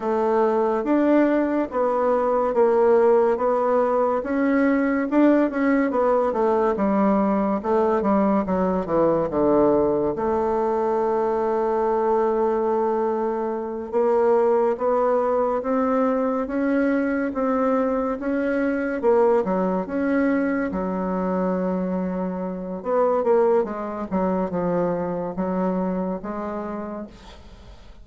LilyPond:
\new Staff \with { instrumentName = "bassoon" } { \time 4/4 \tempo 4 = 71 a4 d'4 b4 ais4 | b4 cis'4 d'8 cis'8 b8 a8 | g4 a8 g8 fis8 e8 d4 | a1~ |
a8 ais4 b4 c'4 cis'8~ | cis'8 c'4 cis'4 ais8 fis8 cis'8~ | cis'8 fis2~ fis8 b8 ais8 | gis8 fis8 f4 fis4 gis4 | }